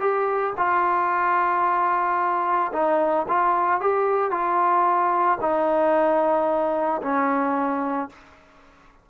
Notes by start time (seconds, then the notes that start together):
0.00 G4
0.58 F4
2.73 D#4
3.28 F4
3.81 G4
4.31 F4
5.41 D#4
7.02 C#4